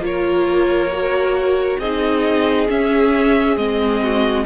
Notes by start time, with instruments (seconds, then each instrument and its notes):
0.00 cello A#3, viola F4, violin C#5
0.07 violin A#4
0.92 viola F#4
1.79 cello C4, viola D#4, violin G#4 D#5
2.68 viola C#4, cello C#4, violin E5
3.57 cello G#3, viola C4, violin D#5
4.03 violin F#4